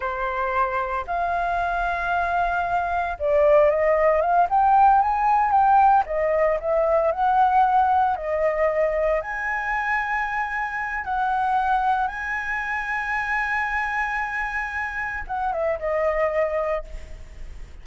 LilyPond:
\new Staff \with { instrumentName = "flute" } { \time 4/4 \tempo 4 = 114 c''2 f''2~ | f''2 d''4 dis''4 | f''8 g''4 gis''4 g''4 dis''8~ | dis''8 e''4 fis''2 dis''8~ |
dis''4. gis''2~ gis''8~ | gis''4 fis''2 gis''4~ | gis''1~ | gis''4 fis''8 e''8 dis''2 | }